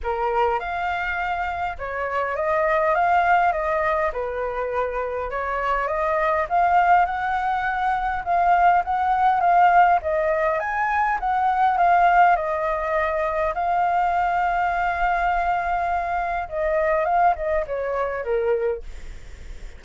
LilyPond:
\new Staff \with { instrumentName = "flute" } { \time 4/4 \tempo 4 = 102 ais'4 f''2 cis''4 | dis''4 f''4 dis''4 b'4~ | b'4 cis''4 dis''4 f''4 | fis''2 f''4 fis''4 |
f''4 dis''4 gis''4 fis''4 | f''4 dis''2 f''4~ | f''1 | dis''4 f''8 dis''8 cis''4 ais'4 | }